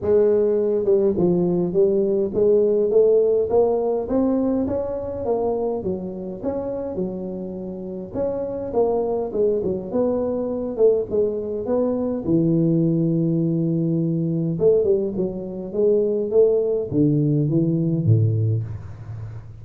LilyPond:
\new Staff \with { instrumentName = "tuba" } { \time 4/4 \tempo 4 = 103 gis4. g8 f4 g4 | gis4 a4 ais4 c'4 | cis'4 ais4 fis4 cis'4 | fis2 cis'4 ais4 |
gis8 fis8 b4. a8 gis4 | b4 e2.~ | e4 a8 g8 fis4 gis4 | a4 d4 e4 a,4 | }